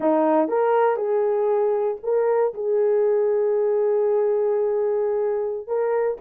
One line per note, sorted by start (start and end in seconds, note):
0.00 0.48 D#4
0.48 0.96 A#4
0.96 1.97 G#4
2.03 2.53 A#4
2.53 5.67 G#4
5.67 6.17 A#4